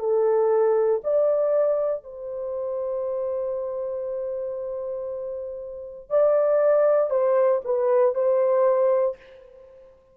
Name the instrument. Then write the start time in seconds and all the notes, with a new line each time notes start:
horn
0.00 A4
1.04 D5
2.04 C5
6.10 D5
7.11 C5
7.65 B4
8.15 C5